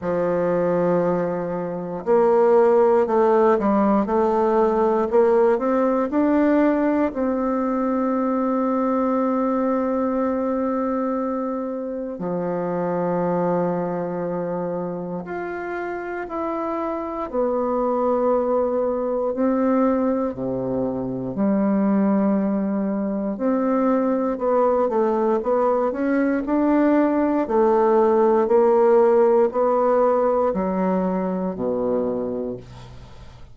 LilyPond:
\new Staff \with { instrumentName = "bassoon" } { \time 4/4 \tempo 4 = 59 f2 ais4 a8 g8 | a4 ais8 c'8 d'4 c'4~ | c'1 | f2. f'4 |
e'4 b2 c'4 | c4 g2 c'4 | b8 a8 b8 cis'8 d'4 a4 | ais4 b4 fis4 b,4 | }